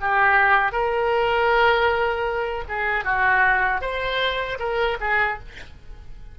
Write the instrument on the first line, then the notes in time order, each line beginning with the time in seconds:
oboe
0.00 G4
0.72 A#4
2.68 G#4
3.04 F#4
3.81 C5
4.59 A#4
5.00 G#4